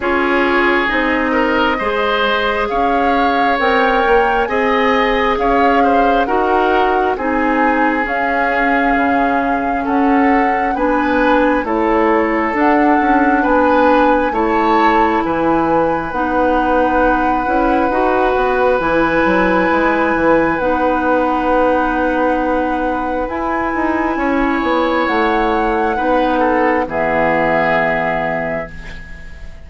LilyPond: <<
  \new Staff \with { instrumentName = "flute" } { \time 4/4 \tempo 4 = 67 cis''4 dis''2 f''4 | g''4 gis''4 f''4 fis''4 | gis''4 f''2 fis''4 | gis''4 cis''4 fis''4 gis''4 |
a''4 gis''4 fis''2~ | fis''4 gis''2 fis''4~ | fis''2 gis''2 | fis''2 e''2 | }
  \new Staff \with { instrumentName = "oboe" } { \time 4/4 gis'4. ais'8 c''4 cis''4~ | cis''4 dis''4 cis''8 c''8 ais'4 | gis'2. a'4 | b'4 a'2 b'4 |
cis''4 b'2.~ | b'1~ | b'2. cis''4~ | cis''4 b'8 a'8 gis'2 | }
  \new Staff \with { instrumentName = "clarinet" } { \time 4/4 f'4 dis'4 gis'2 | ais'4 gis'2 fis'4 | dis'4 cis'2. | d'4 e'4 d'2 |
e'2 dis'4. e'8 | fis'4 e'2 dis'4~ | dis'2 e'2~ | e'4 dis'4 b2 | }
  \new Staff \with { instrumentName = "bassoon" } { \time 4/4 cis'4 c'4 gis4 cis'4 | c'8 ais8 c'4 cis'4 dis'4 | c'4 cis'4 cis4 cis'4 | b4 a4 d'8 cis'8 b4 |
a4 e4 b4. cis'8 | dis'8 b8 e8 fis8 gis8 e8 b4~ | b2 e'8 dis'8 cis'8 b8 | a4 b4 e2 | }
>>